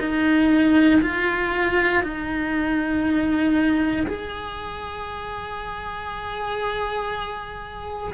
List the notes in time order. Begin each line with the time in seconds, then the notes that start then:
0.00 D#4
1.02 F4
2.03 D#4
4.07 G#4